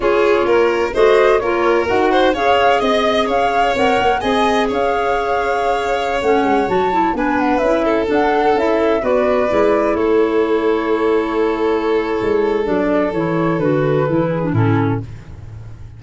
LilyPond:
<<
  \new Staff \with { instrumentName = "flute" } { \time 4/4 \tempo 4 = 128 cis''2 dis''4 cis''4 | fis''4 f''4 dis''4 f''4 | fis''4 gis''4 f''2~ | f''4~ f''16 fis''4 a''4 gis''8 fis''16~ |
fis''16 e''4 fis''4 e''4 d''8.~ | d''4~ d''16 cis''2~ cis''8.~ | cis''2. d''4 | cis''4 b'2 a'4 | }
  \new Staff \with { instrumentName = "violin" } { \time 4/4 gis'4 ais'4 c''4 ais'4~ | ais'8 c''8 cis''4 dis''4 cis''4~ | cis''4 dis''4 cis''2~ | cis''2.~ cis''16 b'8.~ |
b'8. a'2~ a'8 b'8.~ | b'4~ b'16 a'2~ a'8.~ | a'1~ | a'2~ a'8 gis'8 e'4 | }
  \new Staff \with { instrumentName = "clarinet" } { \time 4/4 f'2 fis'4 f'4 | fis'4 gis'2. | ais'4 gis'2.~ | gis'4~ gis'16 cis'4 fis'8 e'8 d'8.~ |
d'16 e'4 d'4 e'4 fis'8.~ | fis'16 e'2.~ e'8.~ | e'2. d'4 | e'4 fis'4 e'8. d'16 cis'4 | }
  \new Staff \with { instrumentName = "tuba" } { \time 4/4 cis'4 ais4 a4 ais4 | dis'4 cis'4 c'4 cis'4 | c'8 ais8 c'4 cis'2~ | cis'4~ cis'16 a8 gis8 fis4 b8.~ |
b16 cis'4 d'4 cis'4 b8.~ | b16 gis4 a2~ a8.~ | a2 gis4 fis4 | e4 d4 e4 a,4 | }
>>